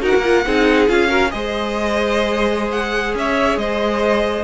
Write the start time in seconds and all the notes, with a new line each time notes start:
0.00 D#4 F#4 A#4 F#5
0.15 A#3
0.23 F4
0.46 C4 D#4 G#4
0.88 C#4 F4 F5
1.07 F#4 A#4
1.30 G#3 G#4 C5 D#5
2.71 F#5
3.14 C#4 C#5 E5
3.56 G#3 C5 D#5